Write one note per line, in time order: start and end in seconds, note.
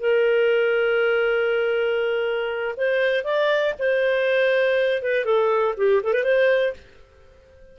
0.00 2.75 A#4
2.77 3.24 C5
3.24 3.74 D5
3.79 5.02 C5
5.02 5.25 B4
5.25 5.75 A4
5.77 6.02 G4
6.03 6.13 A4
6.13 6.24 B4
6.24 6.74 C5